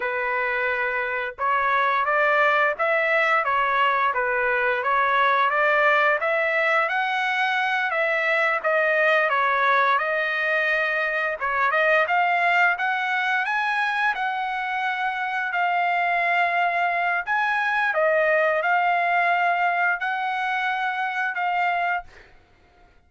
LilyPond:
\new Staff \with { instrumentName = "trumpet" } { \time 4/4 \tempo 4 = 87 b'2 cis''4 d''4 | e''4 cis''4 b'4 cis''4 | d''4 e''4 fis''4. e''8~ | e''8 dis''4 cis''4 dis''4.~ |
dis''8 cis''8 dis''8 f''4 fis''4 gis''8~ | gis''8 fis''2 f''4.~ | f''4 gis''4 dis''4 f''4~ | f''4 fis''2 f''4 | }